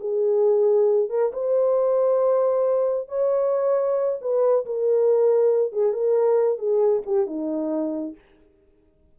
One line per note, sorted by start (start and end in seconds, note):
0.00 1.10 G#4
1.10 1.32 A#4
1.33 3.08 C5
3.08 4.19 C#5
4.21 4.65 B4
4.65 5.73 A#4
5.73 5.93 G#4
5.93 6.58 A#4
6.58 7.02 G#4
7.06 7.27 G4
7.27 8.15 D#4